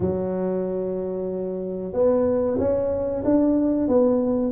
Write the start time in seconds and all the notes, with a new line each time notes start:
0.00 F#3
1.93 B3
2.58 C#4
3.24 D4
3.88 B3